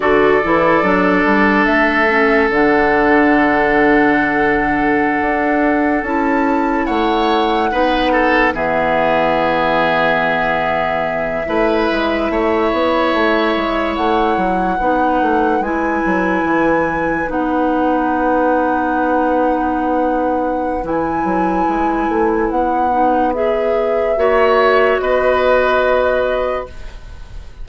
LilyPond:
<<
  \new Staff \with { instrumentName = "flute" } { \time 4/4 \tempo 4 = 72 d''2 e''4 fis''4~ | fis''2.~ fis''16 a''8.~ | a''16 fis''2 e''4.~ e''16~ | e''1~ |
e''8. fis''2 gis''4~ gis''16~ | gis''8. fis''2.~ fis''16~ | fis''4 gis''2 fis''4 | e''2 dis''2 | }
  \new Staff \with { instrumentName = "oboe" } { \time 4/4 a'1~ | a'1~ | a'16 cis''4 b'8 a'8 gis'4.~ gis'16~ | gis'4.~ gis'16 b'4 cis''4~ cis''16~ |
cis''4.~ cis''16 b'2~ b'16~ | b'1~ | b'1~ | b'4 cis''4 b'2 | }
  \new Staff \with { instrumentName = "clarinet" } { \time 4/4 fis'8 e'8 d'4. cis'8 d'4~ | d'2.~ d'16 e'8.~ | e'4~ e'16 dis'4 b4.~ b16~ | b4.~ b16 e'2~ e'16~ |
e'4.~ e'16 dis'4 e'4~ e'16~ | e'8. dis'2.~ dis'16~ | dis'4 e'2~ e'8 dis'8 | gis'4 fis'2. | }
  \new Staff \with { instrumentName = "bassoon" } { \time 4/4 d8 e8 fis8 g8 a4 d4~ | d2~ d16 d'4 cis'8.~ | cis'16 a4 b4 e4.~ e16~ | e4.~ e16 a8 gis8 a8 b8 a16~ |
a16 gis8 a8 fis8 b8 a8 gis8 fis8 e16~ | e8. b2.~ b16~ | b4 e8 fis8 gis8 a8 b4~ | b4 ais4 b2 | }
>>